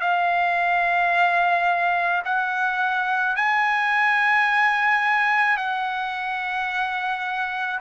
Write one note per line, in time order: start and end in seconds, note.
0.00 2.22 F5
2.25 3.36 F#5
3.36 5.57 G#5
5.57 7.79 F#5